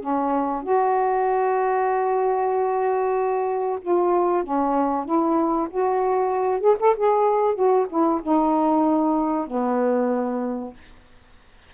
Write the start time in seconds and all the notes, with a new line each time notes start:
0.00 C#4
0.63 F#4
3.82 F4
4.44 C#4
5.05 E4
5.70 F#4
6.60 G#4
6.80 A4
6.96 G#4
7.55 F#4
7.89 E4
8.22 D#4
9.47 B3